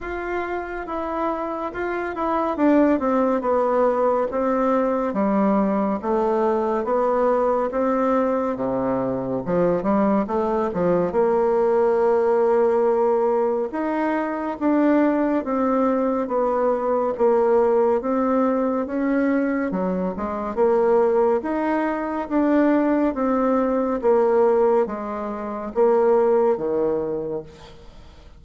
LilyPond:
\new Staff \with { instrumentName = "bassoon" } { \time 4/4 \tempo 4 = 70 f'4 e'4 f'8 e'8 d'8 c'8 | b4 c'4 g4 a4 | b4 c'4 c4 f8 g8 | a8 f8 ais2. |
dis'4 d'4 c'4 b4 | ais4 c'4 cis'4 fis8 gis8 | ais4 dis'4 d'4 c'4 | ais4 gis4 ais4 dis4 | }